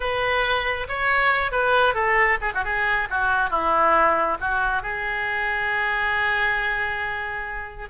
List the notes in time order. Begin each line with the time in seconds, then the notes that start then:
0.00 B4
0.88 C#5
1.51 B4
1.94 A4
2.41 G#4
2.54 F#4
2.64 G#4
3.10 F#4
3.49 E4
4.40 F#4
4.82 G#4